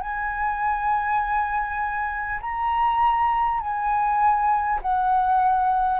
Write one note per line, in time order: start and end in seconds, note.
0.00 2.40 G#5
2.41 3.59 A#5
3.59 4.79 G#5
4.82 5.99 F#5